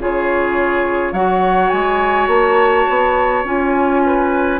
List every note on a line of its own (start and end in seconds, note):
0.00 1.12 C#3
0.00 1.15 F4
0.00 1.13 G#4
0.00 1.13 C#5
1.12 1.70 F#3
1.12 3.46 F#4
1.12 4.01 C#5
1.12 1.70 F#5
1.70 2.27 G#3
1.70 2.27 G#5
2.27 2.85 A#3
2.27 3.44 A5
2.89 3.44 B3
3.44 4.60 C#4
3.44 4.60 F4
3.44 4.60 G#5
4.06 4.60 B4